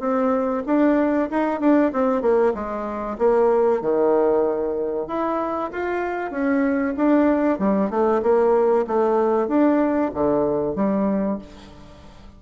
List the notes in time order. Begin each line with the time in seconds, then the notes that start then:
0.00 C4
0.66 D4
1.30 D#4
1.60 D4
1.93 C4
2.22 A#3
2.54 G#3
3.18 A#3
3.82 D#3
5.08 E4
5.72 F4
6.31 C#4
6.97 D4
7.59 G3
7.90 A3
8.23 A#3
8.87 A3
9.48 D4
10.14 D3
10.76 G3